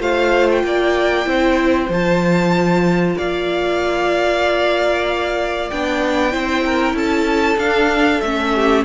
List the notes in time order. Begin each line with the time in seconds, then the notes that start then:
0.00 A3 F4 C5 F5
0.52 G5
0.64 A#3 D5
1.25 C4 E4 C5
1.89 F3 F4 A5
3.17 A#3 D5 F5
5.71 B3 D4 G5
6.31 C4 E4 C5
6.66 A#4
6.93 C#4 A4 A5
7.58 D4 F5
8.21 A3 C#4 E5
8.55 G4